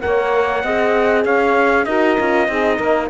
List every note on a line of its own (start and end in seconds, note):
0.00 0.63 A#3
0.00 0.62 A#4
0.00 0.63 C#5
0.00 1.24 F#5
0.63 1.24 C4
0.63 1.88 G#4
0.63 1.23 D#5
1.23 1.86 C#4
1.23 1.85 C#5
1.23 1.85 F5
1.85 2.17 D#4
1.85 2.18 F#4
1.85 2.48 A#4
1.85 3.09 D#5
2.18 2.48 C#4
2.18 2.48 F4
2.48 2.78 C4
2.48 3.10 D#4
2.48 2.76 G#4
2.76 3.10 A#3
2.76 3.07 A#4